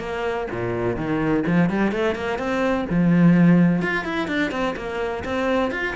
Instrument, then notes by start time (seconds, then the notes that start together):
cello
0.00 A#3
0.51 A#2
0.96 D#3
1.47 F3
1.70 G3
1.92 A3
2.15 A#3
2.39 C4
2.90 F3
3.82 F4
4.05 E4
4.28 D4
4.52 C4
4.77 A#3
5.25 C4
5.71 F4